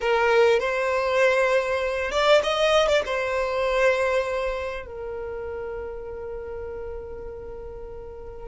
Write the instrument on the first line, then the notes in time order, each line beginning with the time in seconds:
violin
0.01 A#4
0.59 C5
2.11 D5
2.43 D#5
2.87 D5
3.05 C5
4.85 A#4